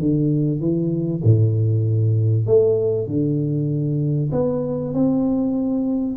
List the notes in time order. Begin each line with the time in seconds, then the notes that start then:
0.00 D3
0.60 E3
1.24 A2
2.47 A3
3.07 D3
4.32 B3
4.94 C4